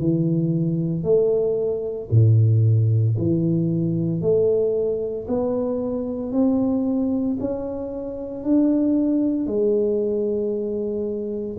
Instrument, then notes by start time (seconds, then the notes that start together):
tuba
0.00 E3
1.04 A3
2.11 A2
3.18 E3
4.22 A3
5.28 B3
6.33 C4
7.40 C#4
8.44 D4
9.47 G#3